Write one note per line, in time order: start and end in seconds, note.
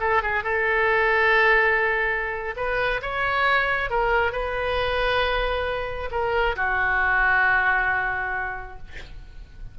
0.00 0.22 A4
0.22 0.44 G#4
0.44 2.55 A4
2.56 3.01 B4
3.02 3.90 C#5
3.90 4.32 A#4
4.32 6.10 B4
6.11 6.56 A#4
6.56 8.78 F#4